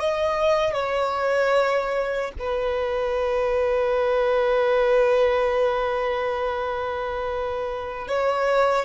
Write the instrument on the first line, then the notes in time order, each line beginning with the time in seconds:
violin
0.00 D#5
0.74 C#5
2.39 B4
8.08 C#5